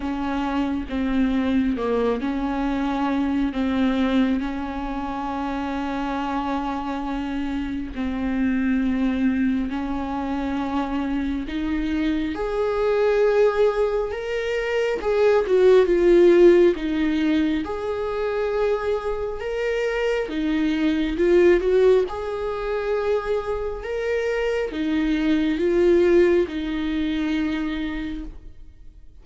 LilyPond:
\new Staff \with { instrumentName = "viola" } { \time 4/4 \tempo 4 = 68 cis'4 c'4 ais8 cis'4. | c'4 cis'2.~ | cis'4 c'2 cis'4~ | cis'4 dis'4 gis'2 |
ais'4 gis'8 fis'8 f'4 dis'4 | gis'2 ais'4 dis'4 | f'8 fis'8 gis'2 ais'4 | dis'4 f'4 dis'2 | }